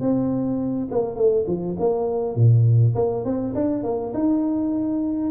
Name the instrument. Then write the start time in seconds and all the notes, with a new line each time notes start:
tuba
0.00 C4
0.91 A#3
1.16 A3
1.47 F3
1.79 A#3
2.36 A#2
2.95 A#3
3.24 C4
3.55 D4
3.83 A#3
4.14 D#4